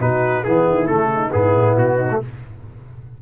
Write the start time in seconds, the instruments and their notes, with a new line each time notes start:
0.00 tuba B2, trombone D#4, horn F#4, trumpet B4
0.44 tuba E3, trombone B3, horn E4, trumpet G#4
0.69 tuba D#3
0.86 tuba C#3, trombone A3, trumpet A4
1.15 horn D#4
1.31 tuba G#2, trombone B3, horn E4, trumpet G#4
1.56 tuba A2
1.77 tuba B2, trumpet F#4
1.96 horn D#4
2.11 trombone A3